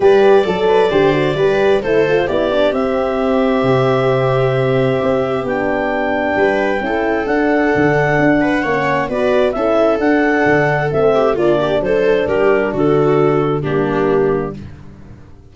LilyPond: <<
  \new Staff \with { instrumentName = "clarinet" } { \time 4/4 \tempo 4 = 132 d''1 | c''4 d''4 e''2~ | e''1 | g''1 |
fis''1 | d''4 e''4 fis''2 | e''4 d''4 c''4 ais'4 | a'2 g'2 | }
  \new Staff \with { instrumentName = "viola" } { \time 4/4 b'4 a'8 b'8 c''4 b'4 | a'4 g'2.~ | g'1~ | g'2 b'4 a'4~ |
a'2~ a'8 b'8 cis''4 | b'4 a'2.~ | a'8 g'8 f'8 g'8 a'4 g'4 | fis'2 d'2 | }
  \new Staff \with { instrumentName = "horn" } { \time 4/4 g'4 a'4 g'8 fis'8 g'4 | e'8 f'8 e'8 d'8 c'2~ | c'1 | d'2. e'4 |
d'2. cis'4 | fis'4 e'4 d'2 | c'4 d'2.~ | d'2 ais2 | }
  \new Staff \with { instrumentName = "tuba" } { \time 4/4 g4 fis4 d4 g4 | a4 b4 c'2 | c2. c'4 | b2 g4 cis'4 |
d'4 d4 d'4 ais4 | b4 cis'4 d'4 d4 | a4 ais4 fis4 g4 | d2 g2 | }
>>